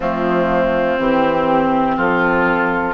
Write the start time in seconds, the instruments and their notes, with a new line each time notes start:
0.00 bassoon F3, clarinet A3, oboe C4, flute F4
0.99 bassoon E3, clarinet C4, flute G4
1.96 bassoon F3, oboe F4, flute A4